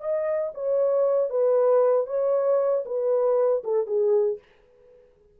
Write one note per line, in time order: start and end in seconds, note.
0.00 0.52 D#5
0.54 1.30 C#5
1.30 2.07 B4
2.07 2.84 C#5
2.85 3.63 B4
3.64 3.87 A4
3.87 4.38 G#4